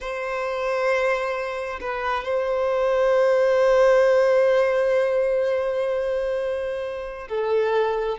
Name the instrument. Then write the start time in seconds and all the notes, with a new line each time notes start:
violin
0.00 C5
1.80 B4
2.24 C5
7.28 A4